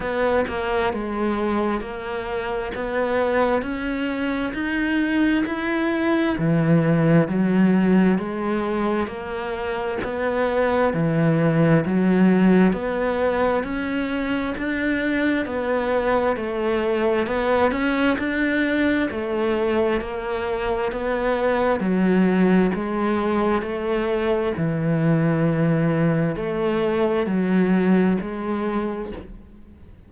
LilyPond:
\new Staff \with { instrumentName = "cello" } { \time 4/4 \tempo 4 = 66 b8 ais8 gis4 ais4 b4 | cis'4 dis'4 e'4 e4 | fis4 gis4 ais4 b4 | e4 fis4 b4 cis'4 |
d'4 b4 a4 b8 cis'8 | d'4 a4 ais4 b4 | fis4 gis4 a4 e4~ | e4 a4 fis4 gis4 | }